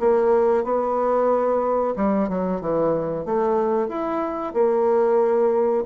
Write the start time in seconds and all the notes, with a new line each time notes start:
0.00 A#3
0.64 B3
1.97 G3
2.29 F#3
2.61 E3
3.25 A3
3.89 E4
4.54 A#3